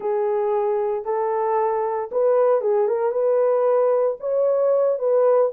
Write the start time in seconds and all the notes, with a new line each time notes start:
0.00 G#4
1.04 A4
2.11 B4
2.61 G#4
2.87 A#4
3.11 B4
4.19 C#5
4.98 B4